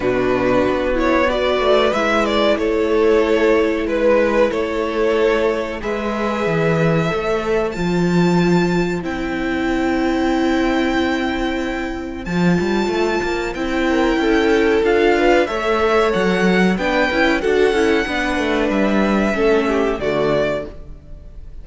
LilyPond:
<<
  \new Staff \with { instrumentName = "violin" } { \time 4/4 \tempo 4 = 93 b'4. cis''8 d''4 e''8 d''8 | cis''2 b'4 cis''4~ | cis''4 e''2. | a''2 g''2~ |
g''2. a''4~ | a''4 g''2 f''4 | e''4 fis''4 g''4 fis''4~ | fis''4 e''2 d''4 | }
  \new Staff \with { instrumentName = "violin" } { \time 4/4 fis'2 b'2 | a'2 b'4 a'4~ | a'4 b'2 c''4~ | c''1~ |
c''1~ | c''4. ais'8 a'4. b'8 | cis''2 b'4 a'4 | b'2 a'8 g'8 fis'4 | }
  \new Staff \with { instrumentName = "viola" } { \time 4/4 d'4. e'8 fis'4 e'4~ | e'1~ | e'4 gis'2 a'4 | f'2 e'2~ |
e'2. f'4~ | f'4 e'2 f'4 | a'2 d'8 e'8 fis'8 e'8 | d'2 cis'4 a4 | }
  \new Staff \with { instrumentName = "cello" } { \time 4/4 b,4 b4. a8 gis4 | a2 gis4 a4~ | a4 gis4 e4 a4 | f2 c'2~ |
c'2. f8 g8 | a8 ais8 c'4 cis'4 d'4 | a4 fis4 b8 cis'8 d'8 cis'8 | b8 a8 g4 a4 d4 | }
>>